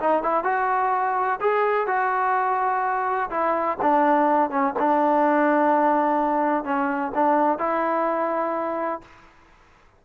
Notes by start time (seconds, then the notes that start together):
0.00 D#4
0.23 E4
0.44 F#4
1.41 G#4
1.87 F#4
3.30 E4
3.82 D4
4.50 C#4
4.79 D4
6.65 C#4
7.15 D4
7.59 E4